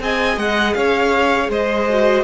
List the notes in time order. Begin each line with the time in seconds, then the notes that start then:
0.00 C4 G#4 D#5 G#5
0.37 G#3 F#5
0.74 C#4 C#5 F5
1.49 G#3 C5 D#5
1.89 F#4